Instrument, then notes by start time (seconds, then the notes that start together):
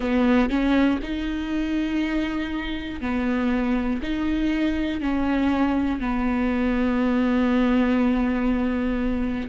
viola
0.00 B3
0.49 C#4
1.02 D#4
3.00 B3
4.02 D#4
5.00 C#4
6.00 B3